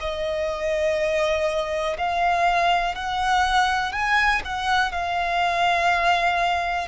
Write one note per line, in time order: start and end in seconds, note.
0.00 1.97 D#5
1.98 2.95 F5
2.95 3.92 F#5
3.92 4.41 G#5
4.44 4.91 F#5
4.91 6.88 F5